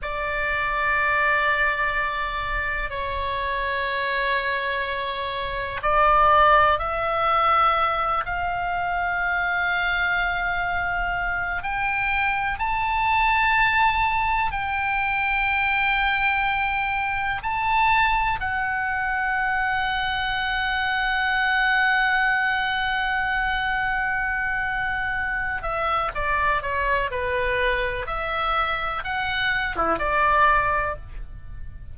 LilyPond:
\new Staff \with { instrumentName = "oboe" } { \time 4/4 \tempo 4 = 62 d''2. cis''4~ | cis''2 d''4 e''4~ | e''8 f''2.~ f''8 | g''4 a''2 g''4~ |
g''2 a''4 fis''4~ | fis''1~ | fis''2~ fis''8 e''8 d''8 cis''8 | b'4 e''4 fis''8. e'16 d''4 | }